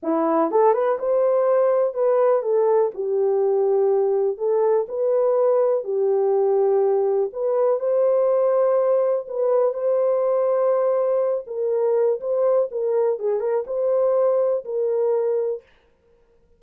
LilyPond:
\new Staff \with { instrumentName = "horn" } { \time 4/4 \tempo 4 = 123 e'4 a'8 b'8 c''2 | b'4 a'4 g'2~ | g'4 a'4 b'2 | g'2. b'4 |
c''2. b'4 | c''2.~ c''8 ais'8~ | ais'4 c''4 ais'4 gis'8 ais'8 | c''2 ais'2 | }